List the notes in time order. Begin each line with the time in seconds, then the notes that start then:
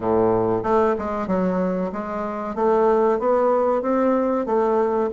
0.00 A2
0.63 A3
0.98 G#3
1.27 F#3
1.92 G#3
2.55 A3
3.19 B3
3.82 C4
4.46 A3